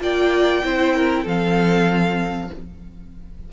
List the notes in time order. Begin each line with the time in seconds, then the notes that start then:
0.00 A#3 F4 D5 G5
0.63 C4 E4 C5
0.96 A#4
1.23 F3 C4 A4 F5